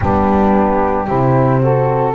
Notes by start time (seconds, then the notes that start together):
0.00 G3 B3 D4 G4
1.06 C3 C4 E4
1.59 F#4 A4